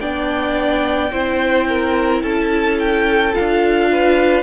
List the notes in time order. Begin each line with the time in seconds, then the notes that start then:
0.00 B3 D4 D5 G5
1.12 C4 E4 C5
1.68 A#4
2.22 C#4 A4 A5
2.79 G5
3.34 D4 F4 F5
3.92 B4